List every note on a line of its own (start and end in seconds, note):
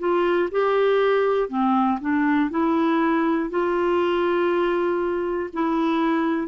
0.00 0.50 F4
0.51 1.49 G4
1.49 1.99 C4
2.01 2.51 D4
2.51 3.51 E4
3.51 5.51 F4
5.54 6.48 E4